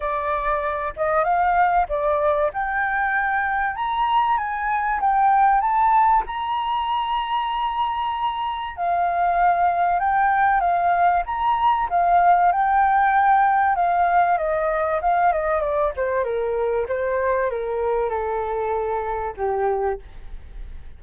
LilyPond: \new Staff \with { instrumentName = "flute" } { \time 4/4 \tempo 4 = 96 d''4. dis''8 f''4 d''4 | g''2 ais''4 gis''4 | g''4 a''4 ais''2~ | ais''2 f''2 |
g''4 f''4 ais''4 f''4 | g''2 f''4 dis''4 | f''8 dis''8 d''8 c''8 ais'4 c''4 | ais'4 a'2 g'4 | }